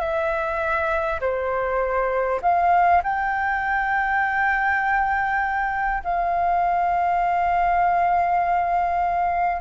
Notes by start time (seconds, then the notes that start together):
0.00 E5
1.21 C5
2.43 F5
3.04 G5
6.04 F5